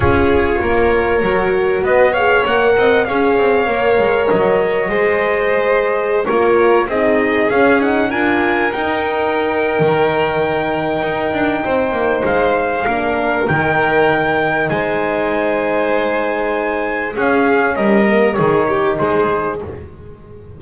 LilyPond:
<<
  \new Staff \with { instrumentName = "trumpet" } { \time 4/4 \tempo 4 = 98 cis''2. dis''8 f''8 | fis''4 f''2 dis''4~ | dis''2~ dis''16 cis''4 dis''8.~ | dis''16 f''8 fis''8 gis''4 g''4.~ g''16~ |
g''1 | f''2 g''2 | gis''1 | f''4 dis''4 cis''4 c''4 | }
  \new Staff \with { instrumentName = "violin" } { \time 4/4 gis'4 ais'2 b'8 cis''8~ | cis''8 dis''8 cis''2. | c''2~ c''16 ais'4 gis'8.~ | gis'4~ gis'16 ais'2~ ais'8.~ |
ais'2. c''4~ | c''4 ais'2. | c''1 | gis'4 ais'4 gis'8 g'8 gis'4 | }
  \new Staff \with { instrumentName = "horn" } { \time 4/4 f'2 fis'4. gis'8 | ais'4 gis'4 ais'2 | gis'2~ gis'16 f'4 dis'8.~ | dis'16 cis'8 dis'8 f'4 dis'4.~ dis'16~ |
dis'1~ | dis'4 d'4 dis'2~ | dis'1 | cis'4. ais8 dis'2 | }
  \new Staff \with { instrumentName = "double bass" } { \time 4/4 cis'4 ais4 fis4 b4 | ais8 c'8 cis'8 c'8 ais8 gis8 fis4 | gis2~ gis16 ais4 c'8.~ | c'16 cis'4 d'4 dis'4.~ dis'16 |
dis2 dis'8 d'8 c'8 ais8 | gis4 ais4 dis2 | gis1 | cis'4 g4 dis4 gis4 | }
>>